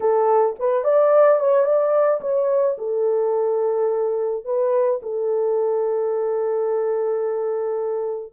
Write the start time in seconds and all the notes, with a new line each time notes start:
0.00 A4
0.59 B4
0.84 D5
1.39 C#5
1.64 D5
2.20 C#5
2.78 A4
4.44 B4
5.02 A4